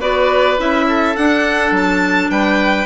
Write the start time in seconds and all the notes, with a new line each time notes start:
0.00 B3 F#4 B4 D5
0.57 C#4 E4 E5
0.88 A4
1.15 D4 F#5
1.71 F#3 A5
2.29 G3 B4 G5